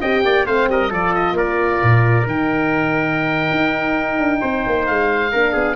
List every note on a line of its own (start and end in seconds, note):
0.00 0.24 C4
0.00 0.46 G4
0.00 0.23 D#5
0.00 0.46 G5
0.25 0.46 A#3
0.25 0.46 D5
0.46 0.68 A3
0.46 0.90 C4
0.46 0.69 C5
0.46 0.69 F5
0.68 0.91 G3
0.68 0.89 A#4
0.68 0.93 D#5
0.89 1.32 F3
0.89 2.25 F4
0.89 1.34 A4
0.89 1.14 D5
1.14 1.37 D#5
1.32 1.78 A#3
1.32 4.40 A#4
1.32 2.27 D5
1.83 2.26 A#2
2.26 3.50 D#3
2.26 5.31 D#4
2.26 4.86 G5
3.51 4.18 D#4
4.18 4.41 D4
4.40 4.65 C4
4.40 5.31 C5
4.66 4.88 A#3
4.86 5.33 G#3
4.86 5.75 F5
5.31 5.54 A#3
5.31 5.75 D4
5.31 5.52 A#4
5.52 5.75 B3
5.52 5.75 G#4